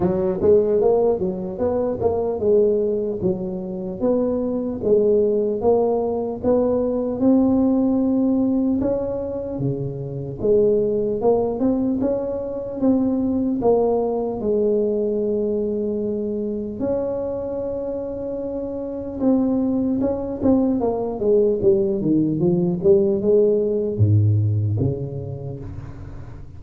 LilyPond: \new Staff \with { instrumentName = "tuba" } { \time 4/4 \tempo 4 = 75 fis8 gis8 ais8 fis8 b8 ais8 gis4 | fis4 b4 gis4 ais4 | b4 c'2 cis'4 | cis4 gis4 ais8 c'8 cis'4 |
c'4 ais4 gis2~ | gis4 cis'2. | c'4 cis'8 c'8 ais8 gis8 g8 dis8 | f8 g8 gis4 gis,4 cis4 | }